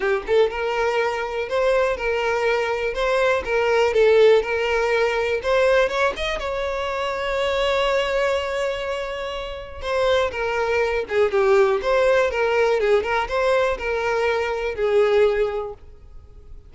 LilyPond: \new Staff \with { instrumentName = "violin" } { \time 4/4 \tempo 4 = 122 g'8 a'8 ais'2 c''4 | ais'2 c''4 ais'4 | a'4 ais'2 c''4 | cis''8 dis''8 cis''2.~ |
cis''1 | c''4 ais'4. gis'8 g'4 | c''4 ais'4 gis'8 ais'8 c''4 | ais'2 gis'2 | }